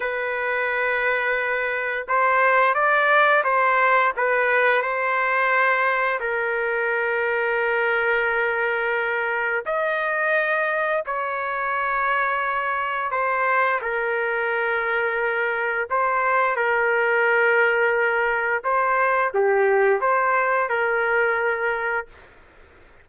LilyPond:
\new Staff \with { instrumentName = "trumpet" } { \time 4/4 \tempo 4 = 87 b'2. c''4 | d''4 c''4 b'4 c''4~ | c''4 ais'2.~ | ais'2 dis''2 |
cis''2. c''4 | ais'2. c''4 | ais'2. c''4 | g'4 c''4 ais'2 | }